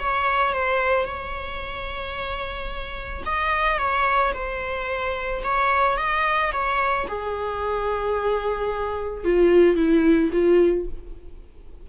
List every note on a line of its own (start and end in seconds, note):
0.00 0.53 C#5
0.53 1.06 C5
1.06 3.24 C#5
3.26 3.79 D#5
3.79 4.33 C#5
4.34 5.43 C5
5.44 5.97 C#5
5.97 6.52 D#5
6.53 7.07 C#5
7.09 9.25 G#4
9.25 9.76 F4
9.76 10.31 E4
10.33 10.87 F4